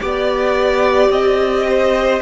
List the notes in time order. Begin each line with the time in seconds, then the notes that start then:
0.00 B3 G4 D5
1.09 C4 D#5
1.68 C5